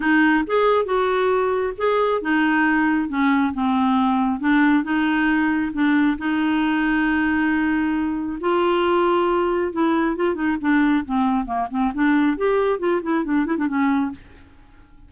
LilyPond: \new Staff \with { instrumentName = "clarinet" } { \time 4/4 \tempo 4 = 136 dis'4 gis'4 fis'2 | gis'4 dis'2 cis'4 | c'2 d'4 dis'4~ | dis'4 d'4 dis'2~ |
dis'2. f'4~ | f'2 e'4 f'8 dis'8 | d'4 c'4 ais8 c'8 d'4 | g'4 f'8 e'8 d'8 e'16 d'16 cis'4 | }